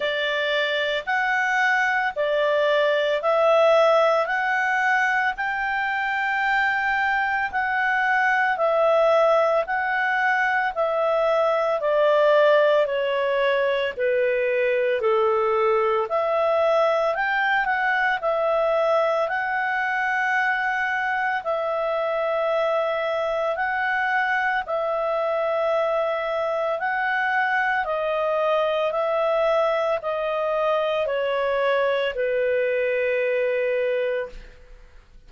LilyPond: \new Staff \with { instrumentName = "clarinet" } { \time 4/4 \tempo 4 = 56 d''4 fis''4 d''4 e''4 | fis''4 g''2 fis''4 | e''4 fis''4 e''4 d''4 | cis''4 b'4 a'4 e''4 |
g''8 fis''8 e''4 fis''2 | e''2 fis''4 e''4~ | e''4 fis''4 dis''4 e''4 | dis''4 cis''4 b'2 | }